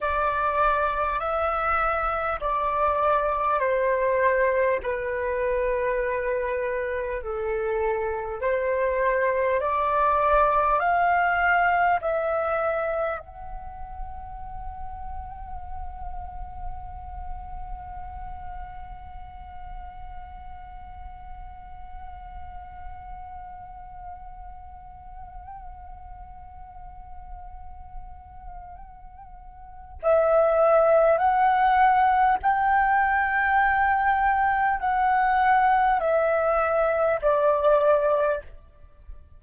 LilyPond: \new Staff \with { instrumentName = "flute" } { \time 4/4 \tempo 4 = 50 d''4 e''4 d''4 c''4 | b'2 a'4 c''4 | d''4 f''4 e''4 fis''4~ | fis''1~ |
fis''1~ | fis''1~ | fis''4 e''4 fis''4 g''4~ | g''4 fis''4 e''4 d''4 | }